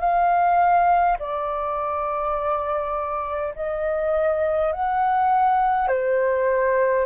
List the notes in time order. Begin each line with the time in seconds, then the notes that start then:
0.00 F5
1.19 D5
3.56 D#5
4.73 F#5
5.88 C5